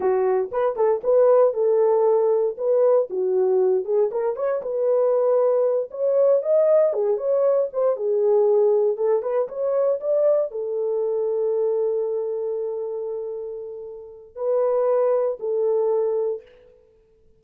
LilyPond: \new Staff \with { instrumentName = "horn" } { \time 4/4 \tempo 4 = 117 fis'4 b'8 a'8 b'4 a'4~ | a'4 b'4 fis'4. gis'8 | ais'8 cis''8 b'2~ b'8 cis''8~ | cis''8 dis''4 gis'8 cis''4 c''8 gis'8~ |
gis'4. a'8 b'8 cis''4 d''8~ | d''8 a'2.~ a'8~ | a'1 | b'2 a'2 | }